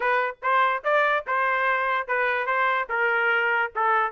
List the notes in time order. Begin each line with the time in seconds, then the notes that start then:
0.00 B4
0.42 C5
0.84 D5
1.26 C5
2.07 B4
2.46 C5
2.89 A#4
3.75 A4